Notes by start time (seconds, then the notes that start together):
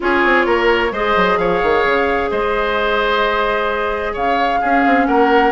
0.00 C#4 F4 G#4 C#5
0.24 C4
0.46 A#3 A#4
0.91 G#3 G#4 C5 D#5
1.16 F#3
1.37 F3 C#5 F5
1.63 D#3
1.85 C#3
2.30 G#3 C5 D#5
4.13 C#3 C#5 F5
4.60 C#4 G#4
4.86 C4
5.06 A#3 A#4 F#5